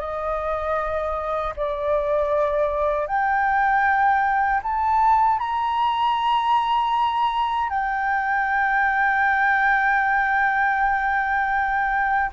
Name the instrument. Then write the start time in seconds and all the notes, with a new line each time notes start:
flute
0.00 D#5
1.56 D5
3.07 G5
4.63 A5
5.39 A#5
7.70 G5